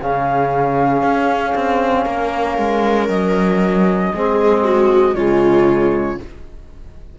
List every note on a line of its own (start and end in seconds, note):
0.00 1.02 C#3
0.00 4.15 C#4
0.00 2.05 G#4
0.00 3.08 F5
1.02 1.54 C#4
1.55 2.06 C4
2.05 2.58 A#3
2.05 4.12 A#4
2.58 3.09 G#3
3.08 4.12 F#3
3.08 5.15 D#5
4.15 5.15 G#3
4.15 5.16 C4
4.15 4.64 G#4
4.64 5.16 F#4
5.15 6.18 C#3
5.15 6.19 G#3
5.15 6.19 F4
5.15 6.19 C#5